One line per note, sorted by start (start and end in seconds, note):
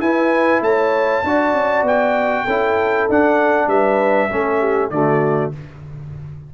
0.00 0.61 E4
0.00 1.25 E4
0.00 0.64 B4
0.00 0.62 G#5
0.61 1.22 A3
0.61 1.25 C#5
0.61 1.86 A5
1.24 1.54 D4
1.24 2.48 F#4
1.24 2.45 D5
1.54 1.83 C#4
1.83 2.44 B3
1.83 3.10 G5
2.45 3.09 C#4
2.45 3.11 E4
2.45 3.67 A4
3.09 3.67 D4
3.09 4.30 D4
3.09 3.69 F#5
3.67 4.29 G3
3.67 4.30 B4
3.67 4.90 E5
4.30 4.91 A3
4.30 4.91 C#4
4.30 4.60 A4
4.60 4.91 G4
4.90 5.52 D3
4.90 5.53 A3
4.90 5.55 F#4
4.90 5.52 D5